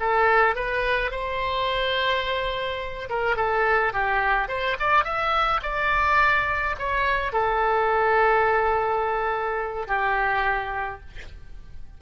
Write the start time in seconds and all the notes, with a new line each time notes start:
0.00 A4
0.56 B4
1.11 C5
3.10 A#4
3.37 A4
3.93 G4
4.48 C5
4.80 D5
5.04 E5
5.63 D5
6.79 C#5
7.33 A4
9.88 G4